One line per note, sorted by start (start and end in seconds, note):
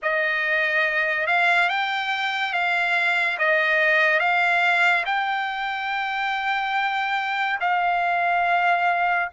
0.02 1.27 D#5
1.27 1.69 F5
1.69 2.53 G5
2.53 3.37 F5
3.38 4.19 D#5
4.19 5.04 F5
5.05 7.59 G5
7.60 9.29 F5